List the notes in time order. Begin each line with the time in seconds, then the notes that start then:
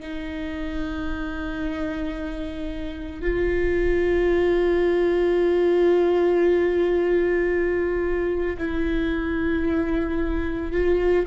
0.00 D#4
3.21 F4
8.58 E4
10.72 F4